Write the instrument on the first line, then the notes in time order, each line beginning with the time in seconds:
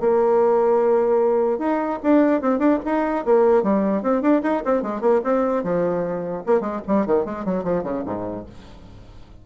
bassoon
0.00 A#3
1.59 D#4
2.03 D4
2.41 C4
2.59 D4
2.85 D#4
3.25 A#3
3.63 G3
4.03 C4
4.22 D4
4.43 D#4
4.65 C4
4.82 G#3
5.01 A#3
5.24 C4
5.63 F3
6.46 A#3
6.61 G#3
6.87 G3
7.06 D#3
7.25 G#3
7.45 F#3
7.64 F3
7.84 C#3
8.05 G#2